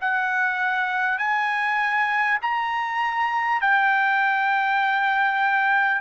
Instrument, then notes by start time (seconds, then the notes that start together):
trumpet
0.00 F#5
1.18 G#5
2.42 A#5
3.61 G5